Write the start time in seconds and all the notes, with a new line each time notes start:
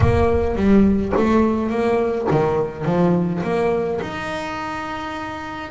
0.00 A#3
0.55 G3
1.16 A3
1.70 A#3
2.31 D#3
2.84 F3
3.43 A#3
4.01 D#4